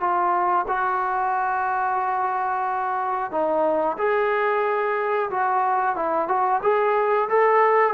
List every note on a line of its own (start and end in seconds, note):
0.00 0.66 F4
0.68 3.31 F#4
3.31 3.97 D#4
3.98 5.30 G#4
5.30 5.96 F#4
5.96 6.28 E4
6.28 6.61 F#4
6.62 7.28 G#4
7.29 7.94 A4